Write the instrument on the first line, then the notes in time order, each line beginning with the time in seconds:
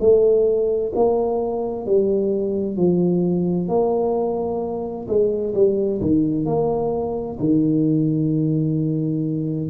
tuba
0.00 A3
0.96 A#3
1.86 G3
2.77 F3
3.68 A#3
5.08 G#3
5.55 G3
6.02 D#3
6.46 A#3
7.40 D#3